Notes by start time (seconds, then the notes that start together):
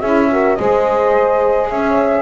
0.00 C#4 E4 G#4 E5
0.31 F#4 A#4
0.56 G#3 G#4 C5 D#5
1.70 C#4 C#5 E5